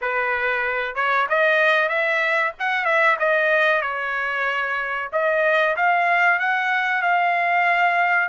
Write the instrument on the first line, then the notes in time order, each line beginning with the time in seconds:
trumpet
0.01 B4
0.95 C#5
1.29 D#5
1.88 E5
2.59 F#5
2.84 E5
3.19 D#5
3.81 C#5
5.12 D#5
5.76 F5
6.39 F#5
7.02 F5